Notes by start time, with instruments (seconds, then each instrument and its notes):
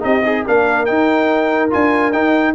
0.00 tuba C4, trombone D#4, horn G4, trumpet D#5
0.23 horn D#4, trombone G#4
0.46 tuba A#3, trombone D4, horn A#4, trumpet F5
0.86 trombone D#4, tuba D#4, trumpet G5
1.70 tuba D4, trombone F4, trumpet G#5
2.12 tuba D#4, trombone D#4, trumpet G5